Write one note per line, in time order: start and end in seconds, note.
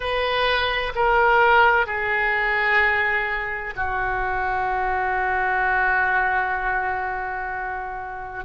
0.00 0.92 B4
0.95 1.86 A#4
1.86 3.74 G#4
3.76 8.45 F#4